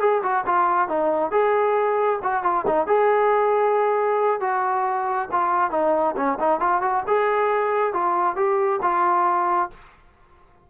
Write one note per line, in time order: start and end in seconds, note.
0.00 0.22 G#4
0.23 0.45 F#4
0.46 0.88 F4
0.88 1.31 D#4
1.31 2.20 G#4
2.23 2.43 F#4
2.43 2.66 F4
2.67 2.87 D#4
2.87 4.40 G#4
4.40 5.29 F#4
5.32 5.71 F4
5.71 6.15 D#4
6.16 6.39 C#4
6.40 6.60 D#4
6.60 6.82 F4
6.82 7.04 F#4
7.07 7.93 G#4
7.93 8.36 F4
8.36 8.80 G4
8.82 9.70 F4